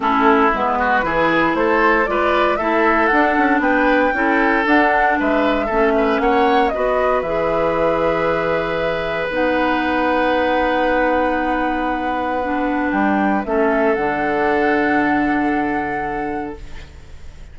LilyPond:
<<
  \new Staff \with { instrumentName = "flute" } { \time 4/4 \tempo 4 = 116 a'4 b'2 c''4 | d''4 e''4 fis''4 g''4~ | g''4 fis''4 e''2 | fis''4 dis''4 e''2~ |
e''2 fis''2~ | fis''1~ | fis''4 g''4 e''4 fis''4~ | fis''1 | }
  \new Staff \with { instrumentName = "oboe" } { \time 4/4 e'4. fis'8 gis'4 a'4 | b'4 a'2 b'4 | a'2 b'4 a'8 b'8 | cis''4 b'2.~ |
b'1~ | b'1~ | b'2 a'2~ | a'1 | }
  \new Staff \with { instrumentName = "clarinet" } { \time 4/4 cis'4 b4 e'2 | f'4 e'4 d'2 | e'4 d'2 cis'4~ | cis'4 fis'4 gis'2~ |
gis'2 dis'2~ | dis'1 | d'2 cis'4 d'4~ | d'1 | }
  \new Staff \with { instrumentName = "bassoon" } { \time 4/4 a4 gis4 e4 a4 | gis4 a4 d'8 cis'8 b4 | cis'4 d'4 gis4 a4 | ais4 b4 e2~ |
e2 b2~ | b1~ | b4 g4 a4 d4~ | d1 | }
>>